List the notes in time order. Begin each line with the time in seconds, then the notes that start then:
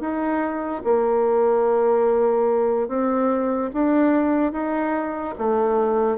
0.00 D#4
0.84 A#3
2.88 C4
3.74 D4
4.52 D#4
5.38 A3